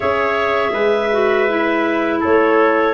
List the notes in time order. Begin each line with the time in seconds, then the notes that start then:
0.00 C#4 G#4 C#5 E5
0.71 G#3 B4
1.11 F#4
1.48 E4
2.20 A3 A4 C#5